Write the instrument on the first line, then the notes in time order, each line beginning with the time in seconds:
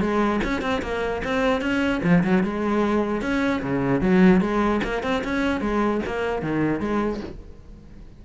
cello
0.00 G#3
0.43 C#4
0.61 C4
0.81 A#3
1.23 C4
1.61 C#4
2.03 F3
2.23 F#3
2.43 G#3
3.21 C#4
3.61 C#3
4.01 F#3
4.41 G#3
4.83 A#3
5.02 C4
5.24 C#4
5.60 G#3
6.06 A#3
6.41 D#3
6.79 G#3